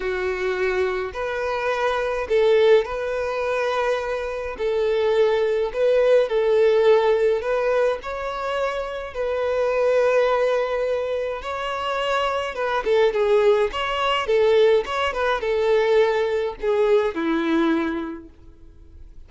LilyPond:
\new Staff \with { instrumentName = "violin" } { \time 4/4 \tempo 4 = 105 fis'2 b'2 | a'4 b'2. | a'2 b'4 a'4~ | a'4 b'4 cis''2 |
b'1 | cis''2 b'8 a'8 gis'4 | cis''4 a'4 cis''8 b'8 a'4~ | a'4 gis'4 e'2 | }